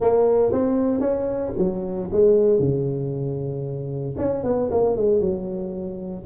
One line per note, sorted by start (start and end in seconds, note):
0.00 0.52 A#3
0.52 1.00 C4
1.00 1.52 C#4
1.58 2.10 F#3
2.12 2.59 G#3
2.59 4.15 C#3
4.17 4.43 C#4
4.43 4.70 B3
4.71 4.96 A#3
4.96 5.20 G#3
5.20 6.24 F#3